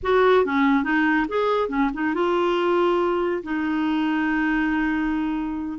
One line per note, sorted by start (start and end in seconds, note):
0.03 0.45 F#4
0.45 0.83 C#4
0.83 1.26 D#4
1.28 1.69 G#4
1.69 1.90 C#4
1.93 2.14 D#4
2.14 3.42 F4
3.43 5.79 D#4